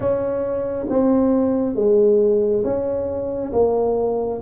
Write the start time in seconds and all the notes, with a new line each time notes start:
0.00 C#4
0.89 C4
1.74 G#3
2.64 C#4
3.52 A#3